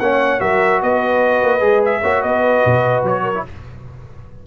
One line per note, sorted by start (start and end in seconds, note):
0.00 0.41 A#3
0.00 0.40 C#4
0.00 0.42 C#5
0.00 0.41 F#5
0.40 0.82 F#3
0.40 1.61 F#4
0.40 0.82 A#4
0.40 0.81 E5
0.82 1.43 B3
0.82 2.02 B4
0.82 1.85 D#5
1.43 1.62 A#3
1.61 2.02 G#3
1.61 2.01 G#4
1.85 2.23 E5
2.02 2.24 A#3
2.02 3.35 F#4
2.02 2.22 C#5
2.22 2.64 B3
2.22 3.23 B4
2.22 3.04 D#5
2.66 3.04 B2
3.04 3.44 F#3
3.04 3.47 C#5
3.23 3.43 A#4
3.35 3.45 E4